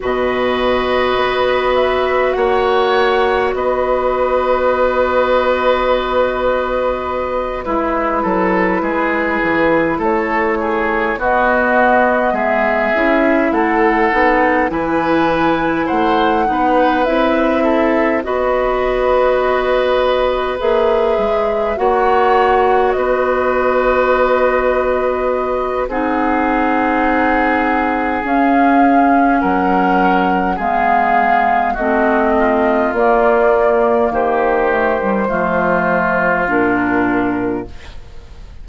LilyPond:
<<
  \new Staff \with { instrumentName = "flute" } { \time 4/4 \tempo 4 = 51 dis''4. e''8 fis''4 dis''4~ | dis''2~ dis''8 b'4.~ | b'8 cis''4 dis''4 e''4 fis''8~ | fis''8 gis''4 fis''4 e''4 dis''8~ |
dis''4. e''4 fis''4 dis''8~ | dis''2 fis''2 | f''4 fis''4 f''4 dis''4 | d''4 c''2 ais'4 | }
  \new Staff \with { instrumentName = "oboe" } { \time 4/4 b'2 cis''4 b'4~ | b'2~ b'8 e'8 a'8 gis'8~ | gis'8 a'8 gis'8 fis'4 gis'4 a'8~ | a'8 b'4 c''8 b'4 a'8 b'8~ |
b'2~ b'8 cis''4 b'8~ | b'2 gis'2~ | gis'4 ais'4 gis'4 fis'8 f'8~ | f'4 g'4 f'2 | }
  \new Staff \with { instrumentName = "clarinet" } { \time 4/4 fis'1~ | fis'2~ fis'8 e'4.~ | e'4. b4. e'4 | dis'8 e'4. dis'8 e'4 fis'8~ |
fis'4. gis'4 fis'4.~ | fis'2 dis'2 | cis'2 b4 c'4 | ais4. a16 g16 a4 d'4 | }
  \new Staff \with { instrumentName = "bassoon" } { \time 4/4 b,4 b4 ais4 b4~ | b2~ b8 gis8 fis8 gis8 | e8 a4 b4 gis8 cis'8 a8 | b8 e4 a8 b8 c'4 b8~ |
b4. ais8 gis8 ais4 b8~ | b2 c'2 | cis'4 fis4 gis4 a4 | ais4 dis4 f4 ais,4 | }
>>